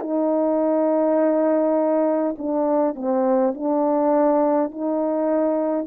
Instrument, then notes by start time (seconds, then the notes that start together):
horn
0.00 D#4
2.38 D4
2.95 C4
3.54 D4
4.71 D#4